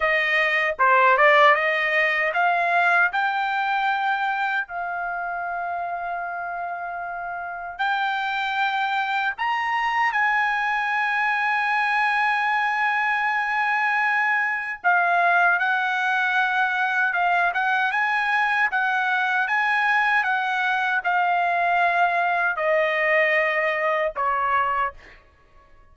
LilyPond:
\new Staff \with { instrumentName = "trumpet" } { \time 4/4 \tempo 4 = 77 dis''4 c''8 d''8 dis''4 f''4 | g''2 f''2~ | f''2 g''2 | ais''4 gis''2.~ |
gis''2. f''4 | fis''2 f''8 fis''8 gis''4 | fis''4 gis''4 fis''4 f''4~ | f''4 dis''2 cis''4 | }